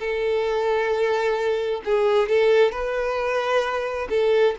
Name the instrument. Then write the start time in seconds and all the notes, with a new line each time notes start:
violin
0.00 A4
1.85 G#4
2.29 A4
2.72 B4
4.10 A4